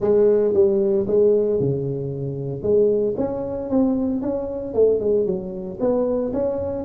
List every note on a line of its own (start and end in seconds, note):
0.00 0.53 G#3
0.53 1.06 G3
1.07 1.59 G#3
1.60 2.62 C#3
2.62 3.14 G#3
3.17 3.69 C#4
3.69 4.21 C4
4.21 4.74 C#4
4.74 5.00 A3
5.00 5.26 G#3
5.26 5.78 F#3
5.79 6.32 B3
6.33 6.84 C#4